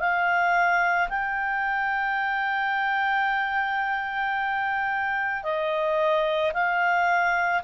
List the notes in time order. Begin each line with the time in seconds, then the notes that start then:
0.00 F5
1.09 G5
5.43 D#5
6.54 F5